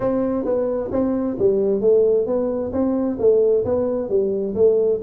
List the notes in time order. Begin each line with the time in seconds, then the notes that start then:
0.00 C4
0.44 B3
0.91 C4
1.39 G3
1.80 A3
2.26 B3
2.72 C4
3.19 A3
3.64 B3
4.09 G3
4.55 A3